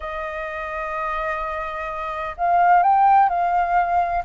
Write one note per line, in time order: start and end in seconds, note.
0.00 2.35 D#5
2.37 2.82 F5
2.82 3.29 G5
3.29 4.23 F5